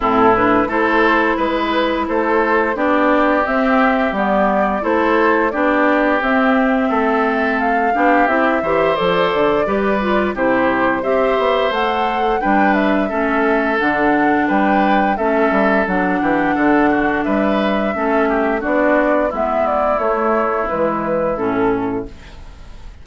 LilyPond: <<
  \new Staff \with { instrumentName = "flute" } { \time 4/4 \tempo 4 = 87 a'8 b'8 c''4 b'4 c''4 | d''4 e''4 d''4 c''4 | d''4 e''2 f''4 | e''4 d''2 c''4 |
e''4 fis''4 g''8 e''4. | fis''4 g''4 e''4 fis''4~ | fis''4 e''2 d''4 | e''8 d''8 cis''4 b'4 a'4 | }
  \new Staff \with { instrumentName = "oboe" } { \time 4/4 e'4 a'4 b'4 a'4 | g'2. a'4 | g'2 a'4. g'8~ | g'8 c''4. b'4 g'4 |
c''2 b'4 a'4~ | a'4 b'4 a'4. g'8 | a'8 fis'8 b'4 a'8 g'8 fis'4 | e'1 | }
  \new Staff \with { instrumentName = "clarinet" } { \time 4/4 c'8 d'8 e'2. | d'4 c'4 b4 e'4 | d'4 c'2~ c'8 d'8 | e'8 g'8 a'4 g'8 f'8 e'4 |
g'4 a'4 d'4 cis'4 | d'2 cis'4 d'4~ | d'2 cis'4 d'4 | b4 a4 gis4 cis'4 | }
  \new Staff \with { instrumentName = "bassoon" } { \time 4/4 a,4 a4 gis4 a4 | b4 c'4 g4 a4 | b4 c'4 a4. b8 | c'8 e8 f8 d8 g4 c4 |
c'8 b8 a4 g4 a4 | d4 g4 a8 g8 fis8 e8 | d4 g4 a4 b4 | gis4 a4 e4 a,4 | }
>>